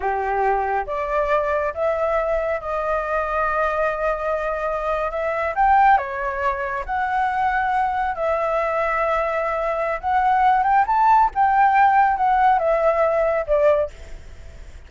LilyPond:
\new Staff \with { instrumentName = "flute" } { \time 4/4 \tempo 4 = 138 g'2 d''2 | e''2 dis''2~ | dis''2.~ dis''8. e''16~ | e''8. g''4 cis''2 fis''16~ |
fis''2~ fis''8. e''4~ e''16~ | e''2. fis''4~ | fis''8 g''8 a''4 g''2 | fis''4 e''2 d''4 | }